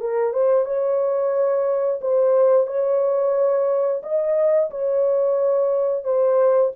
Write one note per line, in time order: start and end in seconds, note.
0.00 0.33 A#4
0.33 0.65 C5
0.65 2.00 C#5
2.01 2.67 C5
2.67 4.01 C#5
4.02 4.70 D#5
4.70 6.04 C#5
6.04 6.71 C5